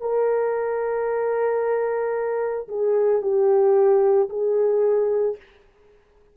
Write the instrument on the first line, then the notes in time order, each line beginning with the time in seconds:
horn
0.00 A#4
2.68 G#4
3.21 G4
4.29 G#4